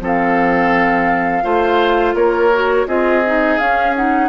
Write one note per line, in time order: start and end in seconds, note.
0.00 1.43 F3
0.00 1.43 C4
0.00 1.44 A4
0.06 2.15 F5
1.43 2.14 A3
1.43 2.50 F4
1.43 2.15 C5
2.14 2.86 A#3
2.14 2.87 A#4
2.14 2.87 C#5
2.54 2.87 F#4
2.87 3.58 C4
2.87 3.23 F4
2.87 4.29 G#4
2.87 3.58 D#5
3.26 3.59 D#4
3.58 3.95 C#4
3.58 4.29 C#4
3.58 3.94 F5
3.96 4.29 D#4
3.96 4.29 F#5